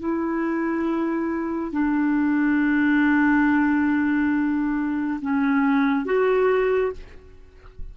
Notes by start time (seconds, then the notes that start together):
0.00 E4
1.72 D4
5.22 C#4
6.06 F#4